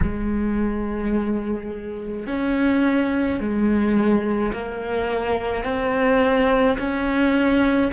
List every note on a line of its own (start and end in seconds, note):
0.02 2.26 G#3
2.26 3.40 C#4
3.40 4.52 G#3
4.52 5.64 A#3
5.64 6.77 C4
6.78 7.91 C#4